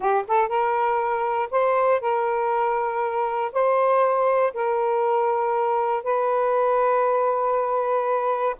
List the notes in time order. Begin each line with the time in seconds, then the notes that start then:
0.00 G4
0.27 A4
0.48 A#4
1.50 C5
2.00 A#4
3.52 C5
4.53 A#4
6.03 B4